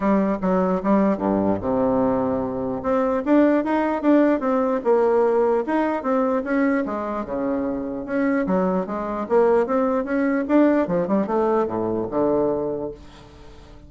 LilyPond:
\new Staff \with { instrumentName = "bassoon" } { \time 4/4 \tempo 4 = 149 g4 fis4 g4 g,4 | c2. c'4 | d'4 dis'4 d'4 c'4 | ais2 dis'4 c'4 |
cis'4 gis4 cis2 | cis'4 fis4 gis4 ais4 | c'4 cis'4 d'4 f8 g8 | a4 a,4 d2 | }